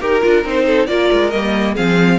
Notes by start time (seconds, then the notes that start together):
0.00 D#4 G4 A#4
0.22 D4 F4
0.44 C4 D#4 C5
0.66 A4
0.87 A#3 F4 A#4 D5
1.12 G#3
1.31 G3 A#3 D#5
1.74 F3 C4 G#4 F5